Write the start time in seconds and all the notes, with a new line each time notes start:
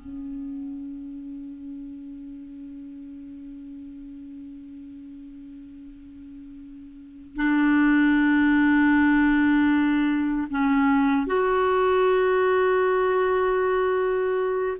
0.00 C#4
7.36 D4
10.51 C#4
11.27 F#4